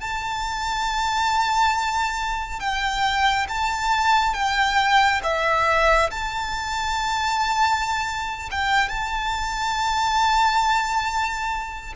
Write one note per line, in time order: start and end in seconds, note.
0.00 2.60 A5
2.60 3.47 G5
3.48 4.34 A5
4.34 5.21 G5
5.23 6.10 E5
6.10 8.49 A5
8.51 8.89 G5
8.89 11.93 A5